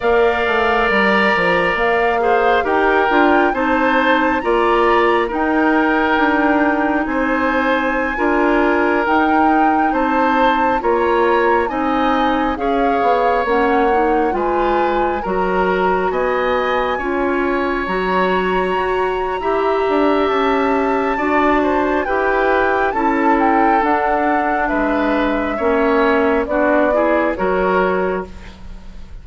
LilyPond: <<
  \new Staff \with { instrumentName = "flute" } { \time 4/4 \tempo 4 = 68 f''4 ais''4 f''4 g''4 | a''4 ais''4 g''2 | gis''2~ gis''16 g''4 a''8.~ | a''16 ais''4 gis''4 f''4 fis''8.~ |
fis''16 gis''4 ais''4 gis''4.~ gis''16~ | gis''16 ais''2~ ais''8. a''4~ | a''4 g''4 a''8 g''8 fis''4 | e''2 d''4 cis''4 | }
  \new Staff \with { instrumentName = "oboe" } { \time 4/4 d''2~ d''8 c''8 ais'4 | c''4 d''4 ais'2 | c''4~ c''16 ais'2 c''8.~ | c''16 cis''4 dis''4 cis''4.~ cis''16~ |
cis''16 b'4 ais'4 dis''4 cis''8.~ | cis''2 e''2 | d''8 c''8 b'4 a'2 | b'4 cis''4 fis'8 gis'8 ais'4 | }
  \new Staff \with { instrumentName = "clarinet" } { \time 4/4 ais'2~ ais'8 gis'8 g'8 f'8 | dis'4 f'4 dis'2~ | dis'4~ dis'16 f'4 dis'4.~ dis'16~ | dis'16 f'4 dis'4 gis'4 cis'8 dis'16~ |
dis'16 f'4 fis'2 f'8.~ | f'16 fis'4.~ fis'16 g'2 | fis'4 g'4 e'4 d'4~ | d'4 cis'4 d'8 e'8 fis'4 | }
  \new Staff \with { instrumentName = "bassoon" } { \time 4/4 ais8 a8 g8 f8 ais4 dis'8 d'8 | c'4 ais4 dis'4 d'4 | c'4~ c'16 d'4 dis'4 c'8.~ | c'16 ais4 c'4 cis'8 b8 ais8.~ |
ais16 gis4 fis4 b4 cis'8.~ | cis'16 fis4 fis'8. e'8 d'8 cis'4 | d'4 e'4 cis'4 d'4 | gis4 ais4 b4 fis4 | }
>>